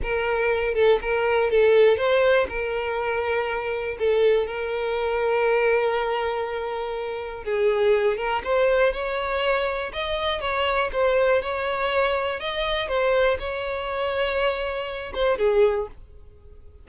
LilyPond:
\new Staff \with { instrumentName = "violin" } { \time 4/4 \tempo 4 = 121 ais'4. a'8 ais'4 a'4 | c''4 ais'2. | a'4 ais'2.~ | ais'2. gis'4~ |
gis'8 ais'8 c''4 cis''2 | dis''4 cis''4 c''4 cis''4~ | cis''4 dis''4 c''4 cis''4~ | cis''2~ cis''8 c''8 gis'4 | }